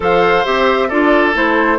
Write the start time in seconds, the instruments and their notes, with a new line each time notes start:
0.00 bassoon F3, clarinet A4, oboe C5, flute F5
0.45 bassoon C4, clarinet G4, flute E5
0.87 bassoon D4, clarinet F4, oboe A4, flute D5
1.33 bassoon A3, clarinet E4, flute C5